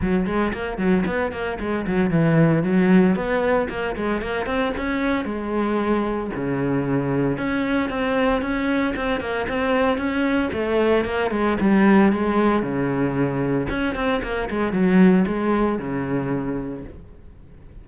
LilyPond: \new Staff \with { instrumentName = "cello" } { \time 4/4 \tempo 4 = 114 fis8 gis8 ais8 fis8 b8 ais8 gis8 fis8 | e4 fis4 b4 ais8 gis8 | ais8 c'8 cis'4 gis2 | cis2 cis'4 c'4 |
cis'4 c'8 ais8 c'4 cis'4 | a4 ais8 gis8 g4 gis4 | cis2 cis'8 c'8 ais8 gis8 | fis4 gis4 cis2 | }